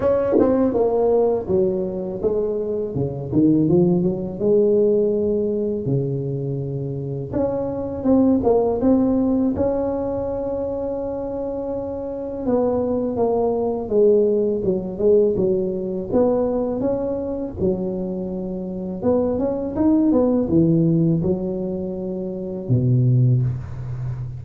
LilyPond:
\new Staff \with { instrumentName = "tuba" } { \time 4/4 \tempo 4 = 82 cis'8 c'8 ais4 fis4 gis4 | cis8 dis8 f8 fis8 gis2 | cis2 cis'4 c'8 ais8 | c'4 cis'2.~ |
cis'4 b4 ais4 gis4 | fis8 gis8 fis4 b4 cis'4 | fis2 b8 cis'8 dis'8 b8 | e4 fis2 b,4 | }